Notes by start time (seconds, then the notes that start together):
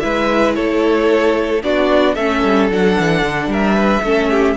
0.00 G#3 E4 B4 E5
0.55 A3 A4 C#5
1.63 B3 D4 F#4 D5
2.15 A3 C#4 A4 E5
2.44 G3
2.70 F#3 D4 F#5
2.99 E3
3.23 D3
3.47 G3 A#4 E5
3.76 B4
4.02 A3 C#4 A4
4.30 G4